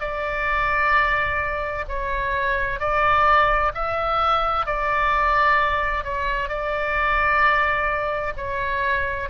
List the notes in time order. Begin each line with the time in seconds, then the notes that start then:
0.00 D5
1.88 C#5
2.79 D5
3.74 E5
4.66 D5
6.04 C#5
6.48 D5
8.37 C#5